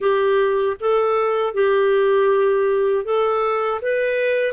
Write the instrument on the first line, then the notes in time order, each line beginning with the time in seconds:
clarinet
0.00 G4
0.80 A4
1.54 G4
3.04 A4
3.81 B4